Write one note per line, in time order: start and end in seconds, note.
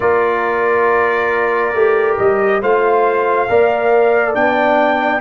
0.00 1.73 A#3
0.00 1.74 F4
0.00 2.60 A#4
0.00 2.16 D5
1.73 2.16 A3
1.73 2.61 G4
2.17 2.62 G3
2.17 2.61 D#5
2.60 3.49 A3
2.60 3.48 F4
2.60 3.47 C5
2.60 4.34 F5
3.48 4.36 A#3
3.48 4.34 A#4
3.48 5.20 D5
4.34 5.20 B3
4.34 5.20 D4
4.34 5.20 G5